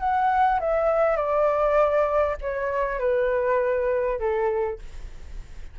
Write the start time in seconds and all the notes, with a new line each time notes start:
0.00 F#5
0.61 E5
1.17 D5
2.42 C#5
3.00 B4
4.19 A4